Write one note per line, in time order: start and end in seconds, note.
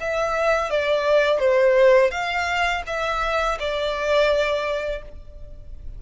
0.00 0.70 E5
0.70 1.39 D5
1.39 2.11 C5
2.11 2.82 F5
2.86 3.57 E5
3.59 5.02 D5